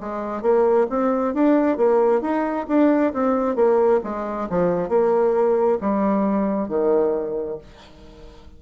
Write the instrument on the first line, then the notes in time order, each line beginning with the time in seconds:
bassoon
0.00 G#3
0.42 A#3
0.90 C4
1.34 D4
1.77 A#3
2.21 D#4
2.68 D4
3.13 C4
3.55 A#3
4.04 G#3
4.49 F3
4.89 A#3
5.81 G3
6.68 D#3